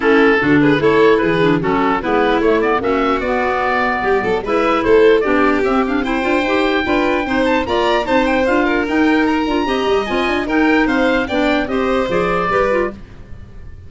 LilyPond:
<<
  \new Staff \with { instrumentName = "oboe" } { \time 4/4 \tempo 4 = 149 a'4. b'8 cis''4 b'4 | a'4 b'4 cis''8 d''8 e''4 | d''2. e''4 | c''4 d''4 e''8 f''8 g''4~ |
g''2~ g''8 a''8 ais''4 | a''8 g''8 f''4 g''4 ais''4~ | ais''4 gis''4 g''4 f''4 | g''4 dis''4 d''2 | }
  \new Staff \with { instrumentName = "violin" } { \time 4/4 e'4 fis'8 gis'8 a'4 gis'4 | fis'4 e'2 fis'4~ | fis'2 g'8 a'8 b'4 | a'4 g'2 c''4~ |
c''4 b'4 c''4 d''4 | c''4. ais'2~ ais'8 | dis''2 ais'4 c''4 | d''4 c''2 b'4 | }
  \new Staff \with { instrumentName = "clarinet" } { \time 4/4 cis'4 d'4 e'4. d'8 | cis'4 b4 a8 b8 cis'4 | b2. e'4~ | e'4 d'4 c'8 d'8 e'8 f'8 |
g'4 f'4 dis'4 f'4 | dis'4 f'4 dis'4. f'8 | g'4 f'4 dis'2 | d'4 g'4 gis'4 g'8 f'8 | }
  \new Staff \with { instrumentName = "tuba" } { \time 4/4 a4 d4 a4 e4 | fis4 gis4 a4 ais4 | b2 g8 fis8 gis4 | a4 b4 c'4. d'8 |
dis'4 d'4 c'4 ais4 | c'4 d'4 dis'4. d'8 | c'8 g8 c'8 d'8 dis'4 c'4 | b4 c'4 f4 g4 | }
>>